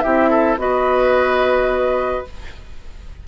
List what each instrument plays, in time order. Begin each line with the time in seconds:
0.00 bassoon C4, clarinet E4, oboe G4, flute E5
0.30 oboe A4
0.57 bassoon B3, clarinet F#4, oboe B4, flute D#5